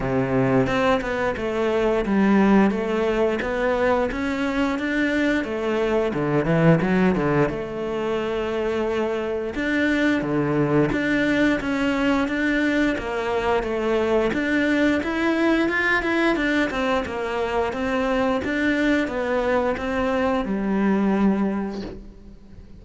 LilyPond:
\new Staff \with { instrumentName = "cello" } { \time 4/4 \tempo 4 = 88 c4 c'8 b8 a4 g4 | a4 b4 cis'4 d'4 | a4 d8 e8 fis8 d8 a4~ | a2 d'4 d4 |
d'4 cis'4 d'4 ais4 | a4 d'4 e'4 f'8 e'8 | d'8 c'8 ais4 c'4 d'4 | b4 c'4 g2 | }